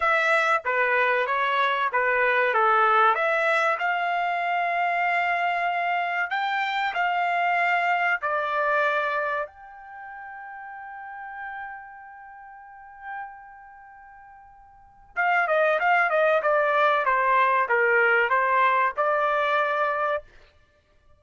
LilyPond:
\new Staff \with { instrumentName = "trumpet" } { \time 4/4 \tempo 4 = 95 e''4 b'4 cis''4 b'4 | a'4 e''4 f''2~ | f''2 g''4 f''4~ | f''4 d''2 g''4~ |
g''1~ | g''1 | f''8 dis''8 f''8 dis''8 d''4 c''4 | ais'4 c''4 d''2 | }